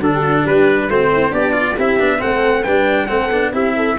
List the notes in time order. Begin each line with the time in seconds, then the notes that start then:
0.00 D3 D4 F#4 A4
0.14 G4
0.22 F#4
0.43 G3 G4 B4
0.90 A3 C4 F#4 C5
1.14 E4
1.30 B3 D4 G4 D5
1.53 F4
1.75 C4 E4 G4 E5
2.00 B3 D4
2.19 A3 C4 A4 F#5
2.63 G3 D4 B4 G5
3.07 A3 C4 A4 F#5
3.31 B3 D4
3.53 C4 E4 G4 E5
3.77 A4